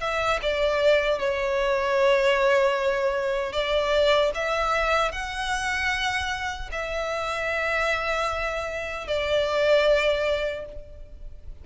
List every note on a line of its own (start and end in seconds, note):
0.00 0.39 E5
0.42 1.18 D5
1.18 3.52 C#5
3.52 4.31 D5
4.34 5.12 E5
5.12 6.70 F#5
6.71 9.07 E5
9.07 10.65 D5